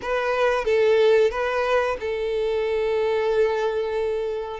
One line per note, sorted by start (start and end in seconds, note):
0.01 0.64 B4
0.64 1.30 A4
1.30 1.96 B4
2.00 4.60 A4